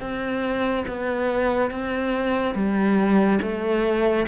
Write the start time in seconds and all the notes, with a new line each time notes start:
0.00 C4
0.87 B3
1.71 C4
2.55 G3
3.42 A3